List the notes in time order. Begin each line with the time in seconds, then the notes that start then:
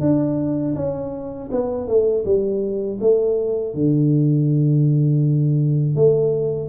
0.00 D4
0.75 C#4
1.51 B3
1.87 A3
2.25 G3
3.00 A3
3.74 D3
5.95 A3